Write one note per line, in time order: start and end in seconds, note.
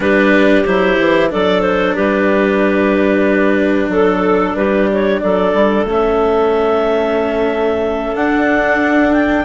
0.00 0.63 G3
0.00 0.65 D4
0.00 1.31 G4
0.00 0.65 B4
0.65 0.98 F#3
0.65 1.30 E4
0.65 1.30 C5
0.98 1.31 E3
1.30 1.97 F#3
1.30 5.86 D4
1.30 1.95 A4
1.30 1.61 D5
1.61 1.93 C5
1.95 3.88 G3
1.95 3.90 G4
1.95 3.91 B4
3.88 4.53 F#3
3.88 4.56 A4
4.55 5.20 G3
4.55 5.21 G4
4.55 4.88 B4
4.93 5.19 C#5
5.19 5.53 F#3
5.19 9.44 A4
5.19 5.84 D5
5.53 5.84 G3
5.84 8.12 A3
5.84 8.15 C#4
5.84 8.15 E5
8.15 9.44 D4
8.15 9.12 F#5
9.12 9.44 G5